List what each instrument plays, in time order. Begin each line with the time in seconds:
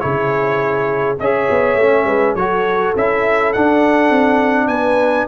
0.00 tuba C#3, trombone E4, horn G#4, trumpet C#5
1.19 tuba C#4, trombone G#4, horn C#5, trumpet E5
1.50 tuba B3
1.76 tuba A3, trombone C#4
2.05 tuba G#3, horn B4
2.35 tuba F#3, trombone F#4, horn A4, trumpet C#5
2.96 tuba C#4, trombone E4, trumpet E5
3.53 tuba D4, trombone D4, trumpet F#5
4.10 tuba C4
4.68 tuba B3, horn B4, trumpet G#5